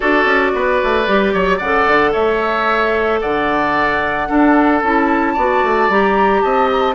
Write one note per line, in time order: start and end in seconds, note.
0.00 0.25 D4
0.00 1.04 F#4
0.00 0.51 A4
0.00 1.58 D5
0.25 0.52 C#4
0.54 0.81 B3
0.54 1.33 B4
0.83 1.07 A3
1.06 1.34 G3
1.06 1.60 G4
1.33 1.60 F#3
1.33 1.57 C#5
1.57 1.86 C#3
1.57 2.10 D5
1.57 2.12 F#5
1.64 4.28 A4
1.87 2.14 D3
2.12 3.21 A3
2.12 3.19 C#5
2.12 3.20 E5
3.20 4.29 D3
3.20 4.28 D5
3.20 4.81 F#5
4.28 4.82 D4
4.28 5.33 A4
4.82 5.36 C#4
4.82 5.37 E4
4.82 5.91 A5
5.33 5.63 B3
5.33 5.90 F#4
5.33 6.40 D5
5.63 5.88 A3
5.88 6.42 G3
5.88 6.94 G4
5.88 6.41 A#5
6.41 6.94 C4
6.41 6.94 D#5
6.41 6.68 A5
6.72 6.81 A#5
6.81 6.94 A5